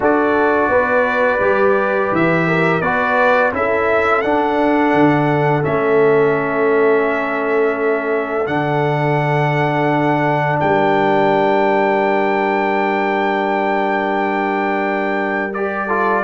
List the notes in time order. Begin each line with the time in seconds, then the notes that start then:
0.00 D4 F#4 A4 D5
0.68 B3 B4
1.40 G3 G4
2.11 E3 E5
2.47 A#4
2.81 B3 F#4 B4 D5
3.52 C#4 E4 A4 E5
4.21 D4 F#5
4.93 D3
5.62 A3 C#4 E5
8.45 D3 D4 F#5
10.59 G3 A#4 G5
15.53 G4 D5
15.87 F4 A4